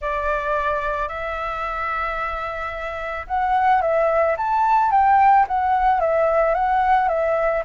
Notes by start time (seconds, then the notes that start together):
0.00 D5
1.08 E5
3.27 F#5
3.81 E5
4.37 A5
4.91 G5
5.47 F#5
6.00 E5
6.54 F#5
7.08 E5